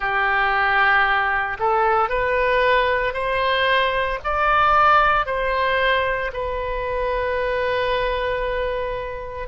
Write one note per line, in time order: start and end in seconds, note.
0.00 1.57 G4
1.59 2.09 A4
2.09 3.13 B4
3.13 4.19 C5
4.23 5.25 D5
5.25 6.31 C5
6.33 9.48 B4